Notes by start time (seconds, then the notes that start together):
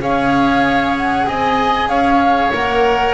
0.00 C#4 G#4 C#5 F5
0.98 F#5
1.28 C4 D#5 G#5
1.89 C#4 C#5 F5
2.54 A#3 A#4 F#5